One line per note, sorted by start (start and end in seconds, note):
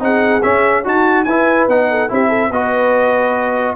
0.00 0.43 C4
0.00 0.42 D#4
0.00 0.84 G#4
0.00 0.43 F#5
0.43 0.85 C#4
0.43 0.86 C#4
0.43 0.84 E5
0.84 1.27 D#4
0.84 1.26 F#4
0.84 1.25 A5
1.25 1.68 E4
1.25 1.70 E4
1.25 1.89 B4
1.25 1.66 G#5
1.68 2.10 B3
1.68 2.09 D#4
1.68 2.11 F#5
1.91 2.12 A4
2.09 2.51 C4
2.09 2.51 E4
2.09 2.29 G4
2.09 2.53 E5
2.29 2.50 A4
2.51 3.76 B3
2.51 3.76 F#4
2.51 3.76 B4
2.51 3.76 D#5